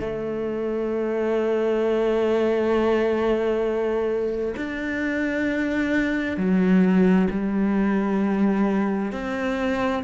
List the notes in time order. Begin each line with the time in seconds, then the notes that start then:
0.00 A3
4.56 D4
6.37 F#3
7.30 G3
9.12 C4